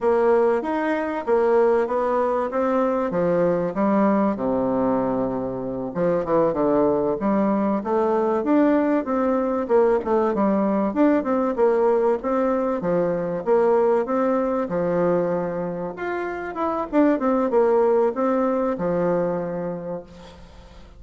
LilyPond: \new Staff \with { instrumentName = "bassoon" } { \time 4/4 \tempo 4 = 96 ais4 dis'4 ais4 b4 | c'4 f4 g4 c4~ | c4. f8 e8 d4 g8~ | g8 a4 d'4 c'4 ais8 |
a8 g4 d'8 c'8 ais4 c'8~ | c'8 f4 ais4 c'4 f8~ | f4. f'4 e'8 d'8 c'8 | ais4 c'4 f2 | }